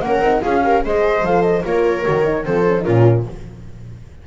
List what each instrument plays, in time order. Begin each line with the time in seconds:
0.00 double bass A#3, horn C#4, viola A#4, flute F#5
0.20 double bass C4, horn D#4
0.41 double bass C#4, horn F4, viola G#4, flute F5
0.62 horn G4, viola A#4
0.83 double bass G#3, horn G#4, viola C5, flute D#5
1.22 double bass F3, horn A4, flute F5
1.42 flute D#5
1.64 double bass A#3, horn F4, viola A#4, flute C#5
2.04 double bass D#3, horn F#4
2.24 horn D#4
2.45 double bass F3, horn C4, viola A4, flute C5
2.67 horn C#4
2.78 horn D#4, flute A#4
2.85 double bass A#2, horn C#4, viola F4